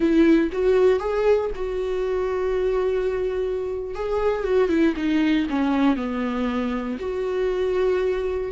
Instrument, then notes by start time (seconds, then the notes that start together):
viola
0.00 E4
0.52 F#4
0.99 G#4
1.55 F#4
3.94 G#4
4.43 F#4
4.68 E4
4.96 D#4
5.49 C#4
5.96 B3
6.99 F#4